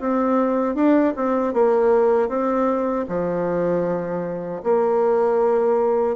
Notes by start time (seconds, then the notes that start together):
0.00 C4
0.75 D4
1.16 C4
1.53 A#3
2.29 C4
3.08 F3
4.64 A#3